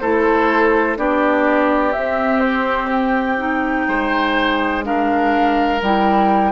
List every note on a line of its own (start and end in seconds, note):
0.00 0.98 A3
0.00 0.97 E4
0.00 0.98 A4
0.00 0.97 C5
0.97 1.95 B3
0.97 1.93 D4
0.97 3.89 G4
0.97 1.93 D5
1.93 3.89 C4
1.93 3.39 C4
1.93 2.40 E5
2.40 2.88 C5
2.91 4.85 G5
3.39 4.83 D#4
3.89 5.82 G#3
3.89 4.85 C5
4.83 5.80 D4
4.83 6.53 A#4
4.83 5.82 F5
5.82 6.53 G3
5.82 6.53 E4
5.82 6.53 G5